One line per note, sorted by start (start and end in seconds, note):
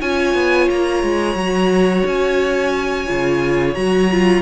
0.00 0.34 C#4
0.00 1.36 F4
0.00 4.42 C#5
0.00 0.69 G#5
0.34 0.68 B3
0.70 1.03 A#3
0.70 2.06 A#5
1.03 1.35 G#3
1.35 2.03 F#3
1.35 3.07 F#4
2.05 3.08 C#4
2.05 3.74 G#5
3.07 3.76 C#3
3.07 3.75 F4
3.74 4.42 F#3
3.74 4.10 F#4
3.74 4.42 A#5
4.11 4.42 F4